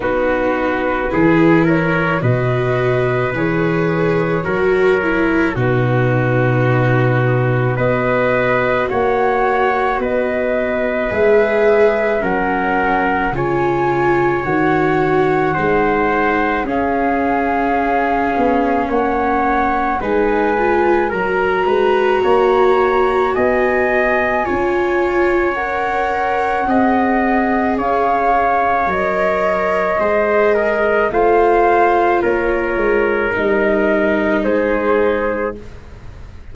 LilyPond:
<<
  \new Staff \with { instrumentName = "flute" } { \time 4/4 \tempo 4 = 54 b'4. cis''8 dis''4 cis''4~ | cis''4 b'2 dis''4 | fis''4 dis''4 e''4 fis''4 | gis''4 fis''2 f''4~ |
f''4 fis''4 gis''4 ais''4~ | ais''4 gis''2 fis''4~ | fis''4 f''4 dis''2 | f''4 cis''4 dis''4 c''4 | }
  \new Staff \with { instrumentName = "trumpet" } { \time 4/4 fis'4 gis'8 ais'8 b'2 | ais'4 fis'2 b'4 | cis''4 b'2 ais'4 | cis''2 c''4 gis'4~ |
gis'4 cis''4 b'4 ais'8 b'8 | cis''4 dis''4 cis''2 | dis''4 cis''2 c''8 ais'8 | c''4 ais'2 gis'4 | }
  \new Staff \with { instrumentName = "viola" } { \time 4/4 dis'4 e'4 fis'4 gis'4 | fis'8 e'8 dis'2 fis'4~ | fis'2 gis'4 cis'4 | f'4 fis'4 dis'4 cis'4~ |
cis'2 dis'8 f'8 fis'4~ | fis'2 f'4 ais'4 | gis'2 ais'4 gis'4 | f'2 dis'2 | }
  \new Staff \with { instrumentName = "tuba" } { \time 4/4 b4 e4 b,4 e4 | fis4 b,2 b4 | ais4 b4 gis4 fis4 | cis4 dis4 gis4 cis'4~ |
cis'8 b8 ais4 gis4 fis8 gis8 | ais4 b4 cis'2 | c'4 cis'4 fis4 gis4 | a4 ais8 gis8 g4 gis4 | }
>>